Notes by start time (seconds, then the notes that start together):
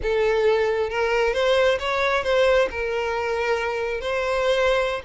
0.02 A4
0.89 A#4
1.33 C5
1.79 C#5
2.23 C5
2.70 A#4
4.01 C5